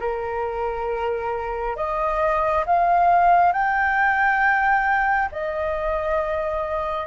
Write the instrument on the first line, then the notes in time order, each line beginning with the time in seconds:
flute
0.00 A#4
1.76 D#5
2.66 F5
3.53 G5
5.32 D#5